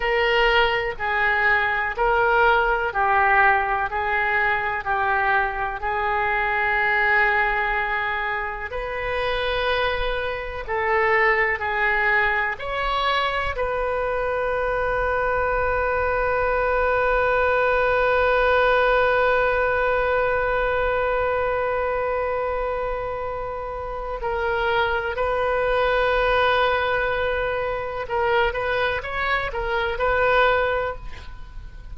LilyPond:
\new Staff \with { instrumentName = "oboe" } { \time 4/4 \tempo 4 = 62 ais'4 gis'4 ais'4 g'4 | gis'4 g'4 gis'2~ | gis'4 b'2 a'4 | gis'4 cis''4 b'2~ |
b'1~ | b'1~ | b'4 ais'4 b'2~ | b'4 ais'8 b'8 cis''8 ais'8 b'4 | }